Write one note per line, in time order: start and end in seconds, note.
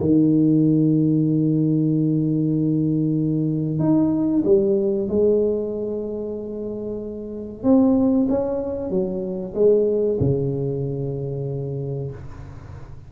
0.00 3.80 D#3
3.80 4.44 D#4
4.45 5.09 G3
5.09 7.63 G#3
7.63 8.27 C4
8.29 8.90 C#4
8.90 9.54 F#3
9.55 10.19 G#3
10.20 12.12 C#3